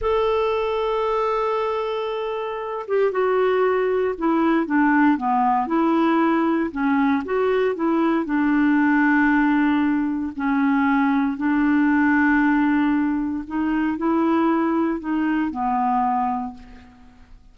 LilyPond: \new Staff \with { instrumentName = "clarinet" } { \time 4/4 \tempo 4 = 116 a'1~ | a'4. g'8 fis'2 | e'4 d'4 b4 e'4~ | e'4 cis'4 fis'4 e'4 |
d'1 | cis'2 d'2~ | d'2 dis'4 e'4~ | e'4 dis'4 b2 | }